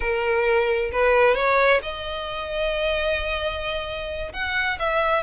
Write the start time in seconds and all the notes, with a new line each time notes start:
0.00 A#4
0.92 B4
1.34 C#5
1.82 D#5
4.32 F#5
4.79 E5